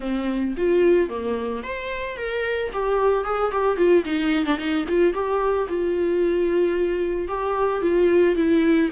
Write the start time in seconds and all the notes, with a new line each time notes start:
0.00 C4
0.57 F4
1.09 A#3
1.63 C5
2.16 A#4
2.72 G4
3.24 G#4
3.51 G4
3.77 F4
4.05 D#4
4.45 D4
4.57 D#4
4.88 F4
5.13 G4
5.68 F4
7.28 G4
7.81 F4
8.35 E4